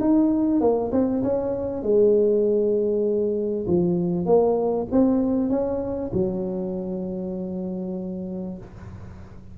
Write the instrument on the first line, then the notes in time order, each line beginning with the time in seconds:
tuba
0.00 D#4
0.60 A#3
0.92 C4
1.23 C#4
1.82 G#3
3.67 F3
4.26 A#3
4.91 C4
5.49 C#4
6.13 F#3